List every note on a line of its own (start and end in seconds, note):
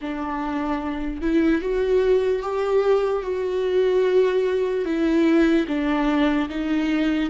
0.01 1.21 D4
1.21 1.61 E4
1.61 2.42 F#4
2.42 3.22 G4
3.22 4.85 F#4
4.85 5.66 E4
5.67 6.48 D4
6.49 7.30 D#4